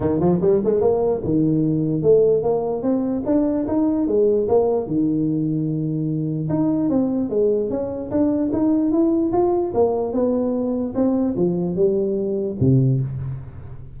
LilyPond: \new Staff \with { instrumentName = "tuba" } { \time 4/4 \tempo 4 = 148 dis8 f8 g8 gis8 ais4 dis4~ | dis4 a4 ais4 c'4 | d'4 dis'4 gis4 ais4 | dis1 |
dis'4 c'4 gis4 cis'4 | d'4 dis'4 e'4 f'4 | ais4 b2 c'4 | f4 g2 c4 | }